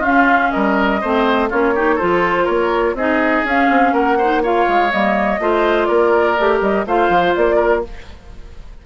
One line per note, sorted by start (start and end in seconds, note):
0.00 0.51 C#4
0.00 1.02 C#4
0.00 0.49 F4
0.00 0.51 F5
0.51 1.03 G3
0.51 1.01 A#4
0.51 1.49 D#5
1.01 1.52 A3
1.01 1.51 C4
1.01 1.50 C5
1.50 2.01 A#3
1.50 1.75 C#4
1.50 1.74 F4
1.50 1.99 C#5
1.75 2.00 D#4
1.75 1.96 G4
1.96 2.97 F4
1.96 2.44 A4
1.96 2.46 C5
2.02 2.48 F3
2.44 2.94 A#3
2.44 2.93 A#4
2.44 2.95 C#5
2.94 3.43 C4
2.94 3.47 D#4
2.94 3.93 G#4
2.94 3.46 D#5
3.45 3.69 C#4
3.45 4.21 C#4
3.45 3.94 F5
3.70 3.93 C4
3.93 4.66 A#3
3.93 4.18 A#4
3.93 4.43 F#5
4.18 4.44 D#4
4.18 4.42 C5
4.43 4.91 F4
4.43 5.40 C#5
4.43 4.92 F5
4.68 4.93 G#3
4.91 5.40 G3
4.91 5.40 A#3
4.91 5.85 D#5
5.40 5.89 A3
5.40 6.37 F4
5.40 5.88 C5
5.85 6.38 A#3
5.85 6.85 A#4
5.85 6.58 D5
6.39 6.61 A3
6.39 6.87 G4
6.61 6.86 G3
6.61 6.86 D#5
6.86 7.09 A3
6.86 7.84 F4
6.86 7.56 C5
6.86 7.36 F5
7.09 7.34 F3
7.36 7.86 A#3
7.36 7.85 D5
7.56 7.80 A#4